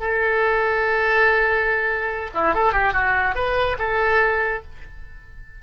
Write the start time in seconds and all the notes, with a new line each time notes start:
0.00 A4
2.34 E4
2.55 A4
2.73 G4
2.93 F#4
3.35 B4
3.79 A4